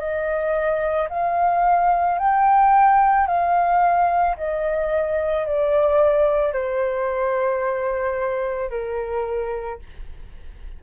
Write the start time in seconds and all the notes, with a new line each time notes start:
0.00 D#5
1.10 F5
2.19 G5
3.27 F5
4.37 D#5
5.46 D5
6.53 C5
8.71 A#4